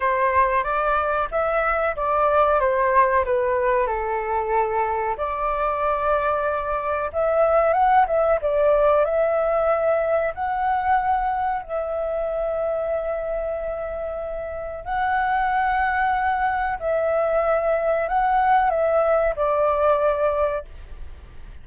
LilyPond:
\new Staff \with { instrumentName = "flute" } { \time 4/4 \tempo 4 = 93 c''4 d''4 e''4 d''4 | c''4 b'4 a'2 | d''2. e''4 | fis''8 e''8 d''4 e''2 |
fis''2 e''2~ | e''2. fis''4~ | fis''2 e''2 | fis''4 e''4 d''2 | }